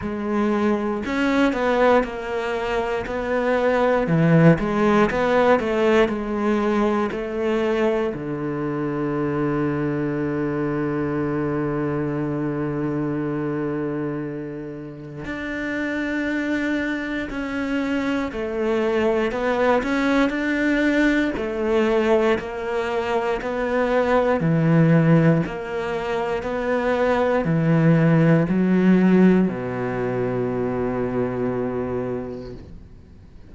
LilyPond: \new Staff \with { instrumentName = "cello" } { \time 4/4 \tempo 4 = 59 gis4 cis'8 b8 ais4 b4 | e8 gis8 b8 a8 gis4 a4 | d1~ | d2. d'4~ |
d'4 cis'4 a4 b8 cis'8 | d'4 a4 ais4 b4 | e4 ais4 b4 e4 | fis4 b,2. | }